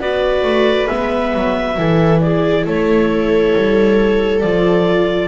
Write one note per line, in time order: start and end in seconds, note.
0.00 0.44 B3
0.00 0.89 F#4
0.00 1.78 B4
0.00 0.88 D5
0.44 0.88 A3
0.88 1.34 G#3
0.88 1.77 B3
0.88 2.20 E5
1.34 1.78 F#3
1.78 2.66 E3
1.78 4.42 E4
1.78 2.22 A4
2.21 2.65 G#4
2.21 2.65 D5
2.65 3.54 A3
2.65 5.29 A4
2.65 4.41 C#5
3.56 4.44 G3
4.41 5.29 F3
4.41 5.29 F4
4.41 5.29 D5